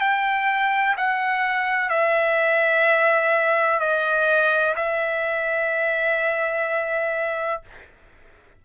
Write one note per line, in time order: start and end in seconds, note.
0.00 0.95 G5
0.97 1.89 F#5
1.89 3.79 E5
3.79 4.74 D#5
4.76 7.61 E5